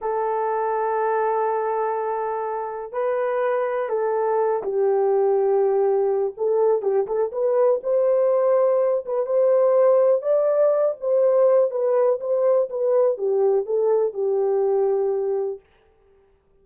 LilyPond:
\new Staff \with { instrumentName = "horn" } { \time 4/4 \tempo 4 = 123 a'1~ | a'2 b'2 | a'4. g'2~ g'8~ | g'4 a'4 g'8 a'8 b'4 |
c''2~ c''8 b'8 c''4~ | c''4 d''4. c''4. | b'4 c''4 b'4 g'4 | a'4 g'2. | }